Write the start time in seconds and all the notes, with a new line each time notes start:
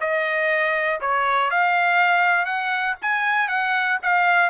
0.00 D#5
1.00 C#5
1.50 F5
2.45 F#5
3.02 G#5
3.48 F#5
4.02 F5